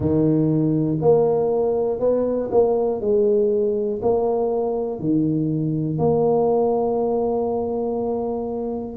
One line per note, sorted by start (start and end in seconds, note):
0.00 0.98 D#3
1.00 1.99 A#3
1.99 2.49 B3
2.51 3.00 A#3
3.00 4.00 G#3
4.02 4.99 A#3
4.99 5.98 D#3
5.98 8.97 A#3